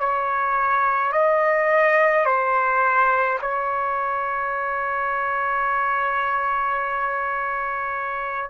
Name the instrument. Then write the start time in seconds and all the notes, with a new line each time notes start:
trumpet
0.00 C#5
1.12 D#5
2.25 C5
3.42 C#5